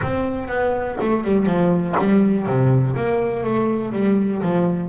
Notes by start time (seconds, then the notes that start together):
0.02 C4
0.48 B3
1.00 A3
1.24 G3
1.46 F3
1.99 G3
2.46 C3
2.96 A#3
3.43 A3
3.92 G3
4.42 F3